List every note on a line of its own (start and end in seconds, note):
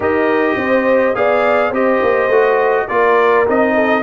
0.00 0.55 D#4
0.00 1.14 G4
0.00 0.57 A#4
0.00 1.15 D#5
0.56 1.14 C4
0.56 1.16 C5
1.14 1.71 B3
1.14 1.72 G#4
1.14 1.69 D5
1.14 1.73 F5
1.69 2.00 C4
1.69 2.30 G4
1.69 2.84 C5
1.69 2.87 D#5
2.02 2.28 A#3
2.28 2.85 A3
2.28 2.88 F#4
2.87 3.47 A#3
2.87 3.46 F4
2.87 3.74 A#4
2.87 3.45 D5
3.47 4.02 C4
3.47 4.02 D#4
3.47 4.02 D#5
3.74 4.02 A4